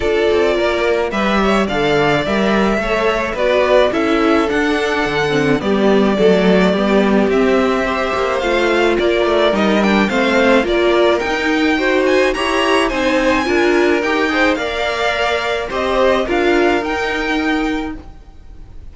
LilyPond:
<<
  \new Staff \with { instrumentName = "violin" } { \time 4/4 \tempo 4 = 107 d''2 e''4 f''4 | e''2 d''4 e''4 | fis''2 d''2~ | d''4 e''2 f''4 |
d''4 dis''8 g''8 f''4 d''4 | g''4. gis''8 ais''4 gis''4~ | gis''4 g''4 f''2 | dis''4 f''4 g''2 | }
  \new Staff \with { instrumentName = "violin" } { \time 4/4 a'4 ais'4 b'8 cis''8 d''4~ | d''4 cis''4 b'4 a'4~ | a'2 g'4 a'4 | g'2 c''2 |
ais'2 c''4 ais'4~ | ais'4 c''4 cis''4 c''4 | ais'4. c''8 d''2 | c''4 ais'2. | }
  \new Staff \with { instrumentName = "viola" } { \time 4/4 f'2 g'4 a'4 | ais'4 a'4 fis'4 e'4 | d'4. c'8 b4 a4 | b4 c'4 g'4 f'4~ |
f'4 dis'8 d'8 c'4 f'4 | dis'4 fis'4 g'4 dis'4 | f'4 g'8 gis'8 ais'2 | g'4 f'4 dis'2 | }
  \new Staff \with { instrumentName = "cello" } { \time 4/4 d'8 c'8 ais4 g4 d4 | g4 a4 b4 cis'4 | d'4 d4 g4 fis4 | g4 c'4. ais8 a4 |
ais8 a8 g4 a4 ais4 | dis'2 e'4 c'4 | d'4 dis'4 ais2 | c'4 d'4 dis'2 | }
>>